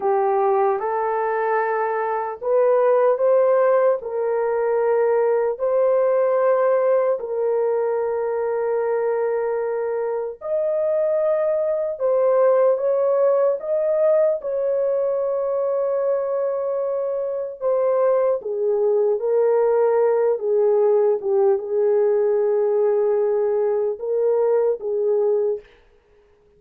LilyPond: \new Staff \with { instrumentName = "horn" } { \time 4/4 \tempo 4 = 75 g'4 a'2 b'4 | c''4 ais'2 c''4~ | c''4 ais'2.~ | ais'4 dis''2 c''4 |
cis''4 dis''4 cis''2~ | cis''2 c''4 gis'4 | ais'4. gis'4 g'8 gis'4~ | gis'2 ais'4 gis'4 | }